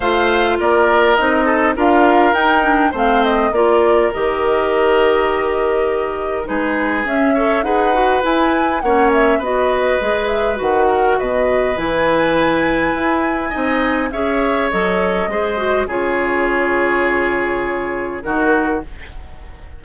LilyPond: <<
  \new Staff \with { instrumentName = "flute" } { \time 4/4 \tempo 4 = 102 f''4 d''4 dis''4 f''4 | g''4 f''8 dis''8 d''4 dis''4~ | dis''2. b'4 | e''4 fis''4 gis''4 fis''8 e''8 |
dis''4. e''8 fis''4 dis''4 | gis''1 | e''4 dis''2 cis''4~ | cis''2. ais'4 | }
  \new Staff \with { instrumentName = "oboe" } { \time 4/4 c''4 ais'4. a'8 ais'4~ | ais'4 c''4 ais'2~ | ais'2. gis'4~ | gis'8 cis''8 b'2 cis''4 |
b'2~ b'8 ais'8 b'4~ | b'2. dis''4 | cis''2 c''4 gis'4~ | gis'2. fis'4 | }
  \new Staff \with { instrumentName = "clarinet" } { \time 4/4 f'2 dis'4 f'4 | dis'8 d'8 c'4 f'4 g'4~ | g'2. dis'4 | cis'8 a'8 gis'8 fis'8 e'4 cis'4 |
fis'4 gis'4 fis'2 | e'2. dis'4 | gis'4 a'4 gis'8 fis'8 f'4~ | f'2. dis'4 | }
  \new Staff \with { instrumentName = "bassoon" } { \time 4/4 a4 ais4 c'4 d'4 | dis'4 a4 ais4 dis4~ | dis2. gis4 | cis'4 dis'4 e'4 ais4 |
b4 gis4 dis4 b,4 | e2 e'4 c'4 | cis'4 fis4 gis4 cis4~ | cis2. dis4 | }
>>